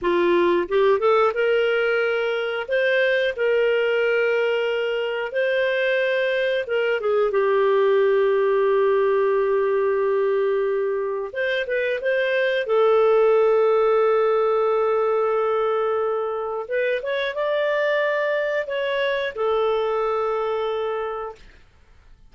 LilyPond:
\new Staff \with { instrumentName = "clarinet" } { \time 4/4 \tempo 4 = 90 f'4 g'8 a'8 ais'2 | c''4 ais'2. | c''2 ais'8 gis'8 g'4~ | g'1~ |
g'4 c''8 b'8 c''4 a'4~ | a'1~ | a'4 b'8 cis''8 d''2 | cis''4 a'2. | }